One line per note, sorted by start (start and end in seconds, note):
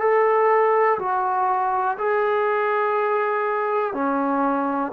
0.00 0.98 A4
0.99 1.97 F#4
1.98 3.94 G#4
3.94 4.92 C#4